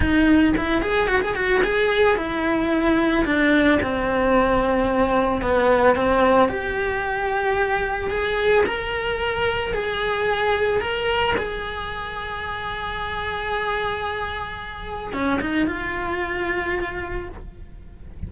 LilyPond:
\new Staff \with { instrumentName = "cello" } { \time 4/4 \tempo 4 = 111 dis'4 e'8 gis'8 fis'16 gis'16 fis'8 gis'4 | e'2 d'4 c'4~ | c'2 b4 c'4 | g'2. gis'4 |
ais'2 gis'2 | ais'4 gis'2.~ | gis'1 | cis'8 dis'8 f'2. | }